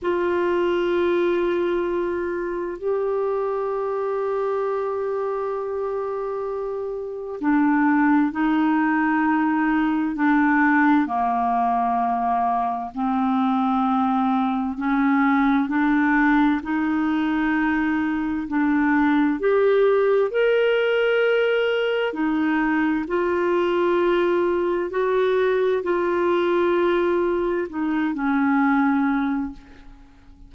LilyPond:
\new Staff \with { instrumentName = "clarinet" } { \time 4/4 \tempo 4 = 65 f'2. g'4~ | g'1 | d'4 dis'2 d'4 | ais2 c'2 |
cis'4 d'4 dis'2 | d'4 g'4 ais'2 | dis'4 f'2 fis'4 | f'2 dis'8 cis'4. | }